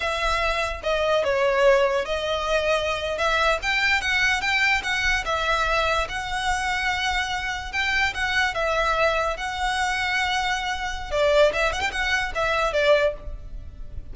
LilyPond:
\new Staff \with { instrumentName = "violin" } { \time 4/4 \tempo 4 = 146 e''2 dis''4 cis''4~ | cis''4 dis''2~ dis''8. e''16~ | e''8. g''4 fis''4 g''4 fis''16~ | fis''8. e''2 fis''4~ fis''16~ |
fis''2~ fis''8. g''4 fis''16~ | fis''8. e''2 fis''4~ fis''16~ | fis''2. d''4 | e''8 fis''16 g''16 fis''4 e''4 d''4 | }